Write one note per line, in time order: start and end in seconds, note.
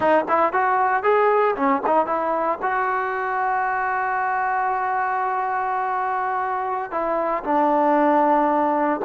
0.00 0.24 D#4
0.28 0.52 E4
0.52 1.03 F#4
1.03 1.55 G#4
1.56 1.82 C#4
1.86 2.06 D#4
2.06 2.58 E4
2.62 6.91 F#4
6.91 7.43 E4
7.43 9.00 D4